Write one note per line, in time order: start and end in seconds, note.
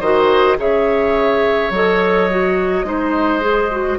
0.00 0.57 D#3
0.00 0.57 F#4
0.00 0.57 C5
0.00 0.57 D#5
0.57 1.70 C#3
0.57 1.71 G#4
0.57 2.86 C#5
0.57 1.73 E5
1.70 2.83 F#3
1.70 2.30 A4
1.70 3.98 D#5
2.30 2.84 F#4
2.84 3.97 G#3
2.84 3.41 D#4
2.84 3.98 C5
3.41 3.69 G#4
3.71 3.98 F#4